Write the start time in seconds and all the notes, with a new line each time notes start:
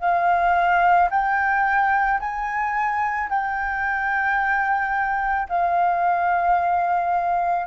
0.00 F5
1.11 G5
2.20 G#5
3.29 G5
5.48 F5